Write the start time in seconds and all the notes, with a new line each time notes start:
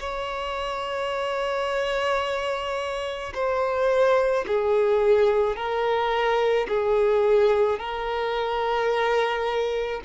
0.00 C#5
3.34 C5
4.47 G#4
5.57 A#4
6.69 G#4
7.79 A#4